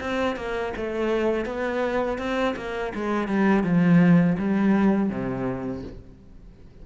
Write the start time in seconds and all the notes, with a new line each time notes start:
0.00 C4
0.36 A#3
0.76 A3
1.45 B3
2.18 C4
2.56 A#3
2.95 G#3
3.28 G3
3.63 F3
4.38 G3
5.09 C3